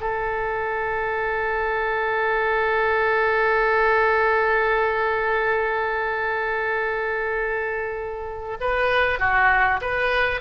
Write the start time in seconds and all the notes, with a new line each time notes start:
0.00 A4
8.60 B4
9.19 F#4
9.81 B4